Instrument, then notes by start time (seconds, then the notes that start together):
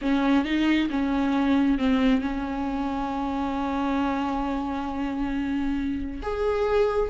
viola
0.01 C#4
0.44 D#4
0.90 C#4
1.78 C4
2.21 C#4
6.22 G#4